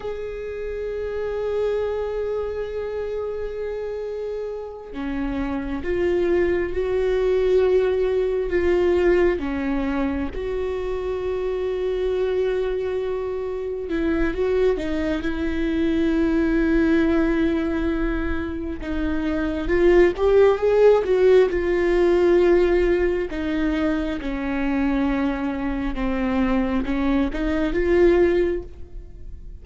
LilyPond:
\new Staff \with { instrumentName = "viola" } { \time 4/4 \tempo 4 = 67 gis'1~ | gis'4. cis'4 f'4 fis'8~ | fis'4. f'4 cis'4 fis'8~ | fis'2.~ fis'8 e'8 |
fis'8 dis'8 e'2.~ | e'4 dis'4 f'8 g'8 gis'8 fis'8 | f'2 dis'4 cis'4~ | cis'4 c'4 cis'8 dis'8 f'4 | }